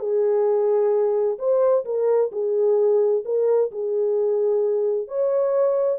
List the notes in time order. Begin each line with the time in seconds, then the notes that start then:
0.00 G#4
1.39 C5
1.85 A#4
2.32 G#4
3.26 A#4
3.72 G#4
5.08 C#5